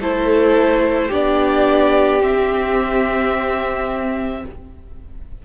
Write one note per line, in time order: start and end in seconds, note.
0.00 1.11 A3
0.00 1.12 E4
0.00 1.08 A4
0.00 1.12 C5
1.08 2.23 B3
1.08 2.20 D4
1.08 4.42 G4
1.08 2.23 D5
2.20 4.43 C4
2.20 4.45 C4
2.20 4.46 E5